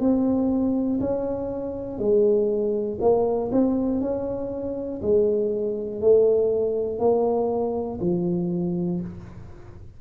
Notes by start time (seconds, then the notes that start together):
0.00 C4
1.00 C#4
1.99 G#3
3.01 A#3
3.52 C4
4.01 C#4
5.02 G#3
6.01 A3
7.00 A#3
8.00 F3